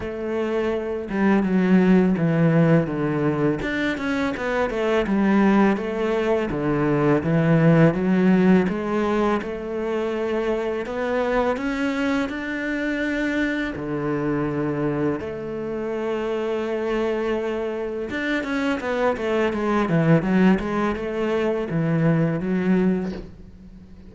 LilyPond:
\new Staff \with { instrumentName = "cello" } { \time 4/4 \tempo 4 = 83 a4. g8 fis4 e4 | d4 d'8 cis'8 b8 a8 g4 | a4 d4 e4 fis4 | gis4 a2 b4 |
cis'4 d'2 d4~ | d4 a2.~ | a4 d'8 cis'8 b8 a8 gis8 e8 | fis8 gis8 a4 e4 fis4 | }